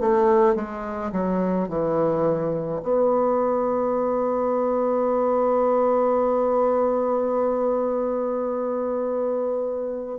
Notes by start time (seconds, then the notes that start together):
0.00 A3
0.55 G#3
1.12 F#3
1.68 E3
2.83 B3